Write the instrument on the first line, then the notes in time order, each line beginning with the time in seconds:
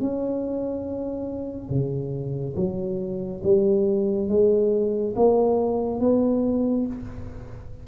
tuba
0.00 C#4
1.69 C#3
2.56 F#3
3.43 G3
4.29 G#3
5.16 A#3
6.00 B3